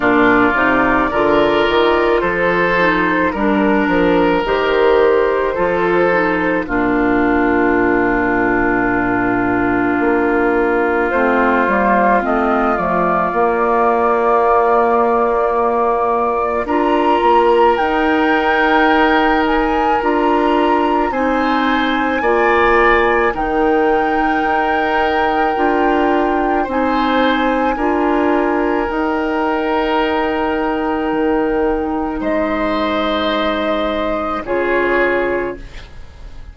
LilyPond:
<<
  \new Staff \with { instrumentName = "flute" } { \time 4/4 \tempo 4 = 54 d''2 c''4 ais'4 | c''2 ais'2~ | ais'2 c''4 dis''8 d''8~ | d''2. ais''4 |
g''4. gis''8 ais''4 gis''4~ | gis''4 g''2. | gis''2 g''2~ | g''4 dis''2 cis''4 | }
  \new Staff \with { instrumentName = "oboe" } { \time 4/4 f'4 ais'4 a'4 ais'4~ | ais'4 a'4 f'2~ | f'1~ | f'2. ais'4~ |
ais'2. c''4 | d''4 ais'2. | c''4 ais'2.~ | ais'4 c''2 gis'4 | }
  \new Staff \with { instrumentName = "clarinet" } { \time 4/4 d'8 dis'8 f'4. dis'8 d'4 | g'4 f'8 dis'8 d'2~ | d'2 c'8 ais8 c'8 a8 | ais2. f'4 |
dis'2 f'4 dis'4 | f'4 dis'2 f'4 | dis'4 f'4 dis'2~ | dis'2. f'4 | }
  \new Staff \with { instrumentName = "bassoon" } { \time 4/4 ais,8 c8 d8 dis8 f4 g8 f8 | dis4 f4 ais,2~ | ais,4 ais4 a8 g8 a8 f8 | ais2. d'8 ais8 |
dis'2 d'4 c'4 | ais4 dis4 dis'4 d'4 | c'4 d'4 dis'2 | dis4 gis2 cis4 | }
>>